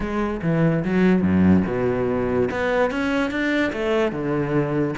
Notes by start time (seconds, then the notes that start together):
0.00 G#3
0.42 E3
0.84 F#3
1.21 F#2
1.67 B2
2.50 B3
2.91 C#4
3.30 D4
3.72 A3
4.12 D3